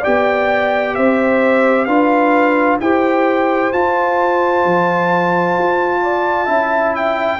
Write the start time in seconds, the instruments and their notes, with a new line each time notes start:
0.00 trombone G4, horn D5, trumpet G5
0.06 tuba B3
0.95 tuba C4, horn C5, trumpet E5
1.85 tuba D4, trombone F4, horn B4, trumpet F5
2.80 tuba E4, trombone G4, horn C5, trumpet G5
3.72 trombone F4, tuba F4, trumpet A5
4.65 tuba F3
5.58 tuba F4
6.02 horn D5
6.46 tuba C#4, trombone E4, horn E5
6.95 trumpet G5